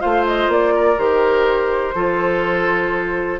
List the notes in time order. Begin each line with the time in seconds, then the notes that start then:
0.00 A3 F4 C5 F5
0.27 D#5
0.48 A#3 D5
0.76 A#4
0.98 D#3 G4 C5
1.95 F3 F4 A4